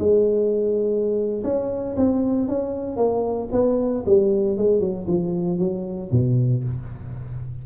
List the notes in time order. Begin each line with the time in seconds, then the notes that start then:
0.00 G#3
1.44 C#4
1.97 C4
2.49 C#4
2.97 A#3
3.52 B3
4.06 G3
4.58 G#3
4.81 F#3
5.08 F3
5.59 F#3
6.12 B2